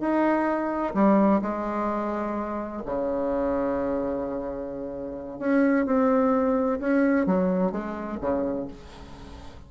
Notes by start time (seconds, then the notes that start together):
0.00 D#4
0.94 G3
1.42 G#3
2.85 C#3
5.39 C#4
5.86 C4
6.80 C#4
7.26 F#3
7.72 G#3
8.21 C#3